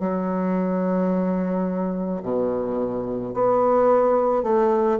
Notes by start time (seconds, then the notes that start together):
0.00 F#3
2.23 B2
3.34 B3
4.44 A3